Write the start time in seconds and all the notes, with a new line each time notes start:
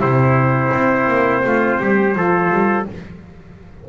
0.00 C3 C4 E4 C5
0.74 C4
1.08 A#3
1.44 A3 F4
1.80 G3 G4
2.15 F3 F4 A4
2.51 G3